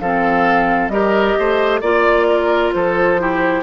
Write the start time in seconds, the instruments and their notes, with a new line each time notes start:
0.00 bassoon F3, clarinet C4, oboe A4, flute F5
0.89 bassoon G3, clarinet G4, oboe A#4, flute D#5
1.39 bassoon A3, oboe C5
1.81 bassoon A#3, clarinet F4, oboe D5, flute D5
2.30 oboe A#4
2.73 bassoon F3, oboe A4, flute C5
3.19 clarinet E4, oboe G4